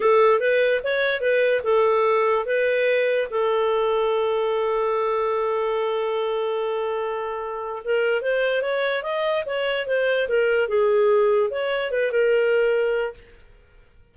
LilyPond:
\new Staff \with { instrumentName = "clarinet" } { \time 4/4 \tempo 4 = 146 a'4 b'4 cis''4 b'4 | a'2 b'2 | a'1~ | a'1~ |
a'2. ais'4 | c''4 cis''4 dis''4 cis''4 | c''4 ais'4 gis'2 | cis''4 b'8 ais'2~ ais'8 | }